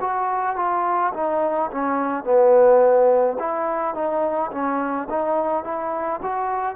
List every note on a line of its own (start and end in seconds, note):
0.00 0.56 F#4
0.56 1.12 F4
1.13 1.70 D#4
1.71 2.23 C#4
2.23 3.37 B3
3.39 3.94 E4
3.94 4.51 D#4
4.51 5.08 C#4
5.09 5.63 D#4
5.63 6.20 E4
6.22 6.75 F#4